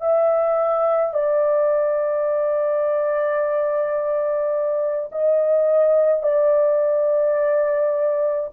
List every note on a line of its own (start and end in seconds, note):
0.00 1.13 E5
1.13 5.09 D5
5.11 6.23 D#5
6.23 8.49 D5